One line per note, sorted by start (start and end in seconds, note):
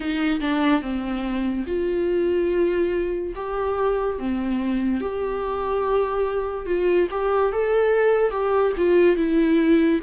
0.00 0.39 D#4
0.40 0.81 D4
0.81 1.64 C4
1.67 3.33 F4
3.35 4.18 G4
4.18 5.00 C4
5.00 6.66 G4
6.66 7.07 F4
7.10 7.52 G4
7.52 8.30 A4
8.30 8.72 G4
8.77 9.16 F4
9.16 10.00 E4